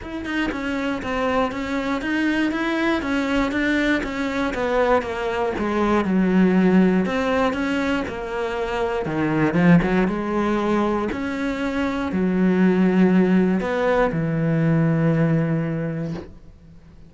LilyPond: \new Staff \with { instrumentName = "cello" } { \time 4/4 \tempo 4 = 119 e'8 dis'8 cis'4 c'4 cis'4 | dis'4 e'4 cis'4 d'4 | cis'4 b4 ais4 gis4 | fis2 c'4 cis'4 |
ais2 dis4 f8 fis8 | gis2 cis'2 | fis2. b4 | e1 | }